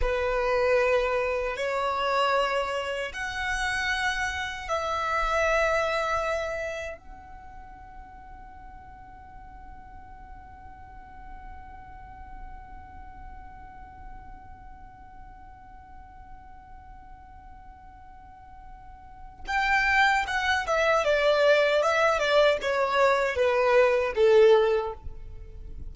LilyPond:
\new Staff \with { instrumentName = "violin" } { \time 4/4 \tempo 4 = 77 b'2 cis''2 | fis''2 e''2~ | e''4 fis''2.~ | fis''1~ |
fis''1~ | fis''1~ | fis''4 g''4 fis''8 e''8 d''4 | e''8 d''8 cis''4 b'4 a'4 | }